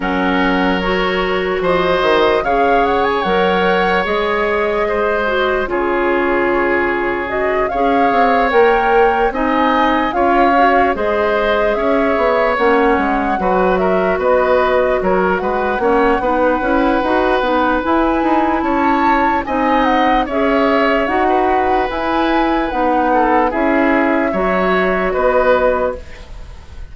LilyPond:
<<
  \new Staff \with { instrumentName = "flute" } { \time 4/4 \tempo 4 = 74 fis''4 cis''4 dis''4 f''8 fis''16 gis''16 | fis''4 dis''2 cis''4~ | cis''4 dis''8 f''4 g''4 gis''8~ | gis''8 f''4 dis''4 e''4 fis''8~ |
fis''4 e''8 dis''4 cis''8 fis''4~ | fis''2 gis''4 a''4 | gis''8 fis''8 e''4 fis''4 gis''4 | fis''4 e''2 dis''4 | }
  \new Staff \with { instrumentName = "oboe" } { \time 4/4 ais'2 c''4 cis''4~ | cis''2 c''4 gis'4~ | gis'4. cis''2 dis''8~ | dis''8 cis''4 c''4 cis''4.~ |
cis''8 b'8 ais'8 b'4 ais'8 b'8 cis''8 | b'2. cis''4 | dis''4 cis''4~ cis''16 b'4.~ b'16~ | b'8 a'8 gis'4 cis''4 b'4 | }
  \new Staff \with { instrumentName = "clarinet" } { \time 4/4 cis'4 fis'2 gis'4 | ais'4 gis'4. fis'8 f'4~ | f'4 fis'8 gis'4 ais'4 dis'8~ | dis'8 f'8 fis'8 gis'2 cis'8~ |
cis'8 fis'2. cis'8 | dis'8 e'8 fis'8 dis'8 e'2 | dis'4 gis'4 fis'4 e'4 | dis'4 e'4 fis'2 | }
  \new Staff \with { instrumentName = "bassoon" } { \time 4/4 fis2 f8 dis8 cis4 | fis4 gis2 cis4~ | cis4. cis'8 c'8 ais4 c'8~ | c'8 cis'4 gis4 cis'8 b8 ais8 |
gis8 fis4 b4 fis8 gis8 ais8 | b8 cis'8 dis'8 b8 e'8 dis'8 cis'4 | c'4 cis'4 dis'4 e'4 | b4 cis'4 fis4 b4 | }
>>